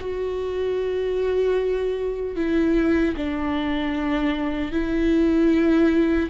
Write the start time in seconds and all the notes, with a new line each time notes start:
0.00 F#4
2.36 E4
3.17 D4
4.72 E4